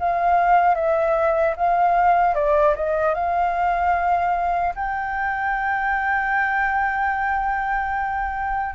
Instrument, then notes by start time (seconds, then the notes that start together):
flute
0.00 F5
0.75 E5
1.57 F5
2.35 D5
2.76 D#5
3.15 F5
4.75 G5